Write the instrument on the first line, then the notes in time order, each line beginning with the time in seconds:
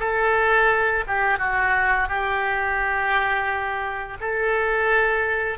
oboe
0.00 A4
1.08 G4
1.39 F#4
2.09 G4
4.21 A4